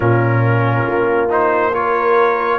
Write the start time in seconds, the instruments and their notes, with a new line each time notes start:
0.00 tuba A#2, trombone C#4, horn F4, trumpet A#4
0.86 tuba A#3
1.29 trombone D#4, trumpet C5
1.72 trombone F4, horn A#4, trumpet C#5